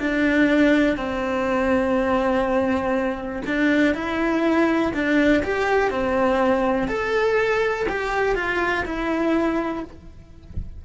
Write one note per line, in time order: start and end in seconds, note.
0.00 0.97 D4
0.97 3.42 C4
3.46 3.94 D4
3.94 4.93 E4
4.94 5.43 D4
5.44 5.91 G4
5.91 6.88 C4
6.88 7.86 A4
7.89 8.35 G4
8.35 8.84 F4
8.85 9.84 E4